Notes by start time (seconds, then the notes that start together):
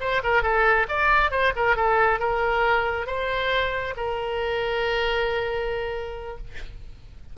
0.00 C5
0.23 A#4
0.43 A4
0.89 D5
1.31 C5
1.56 A#4
1.76 A4
2.19 A#4
3.07 C5
3.96 A#4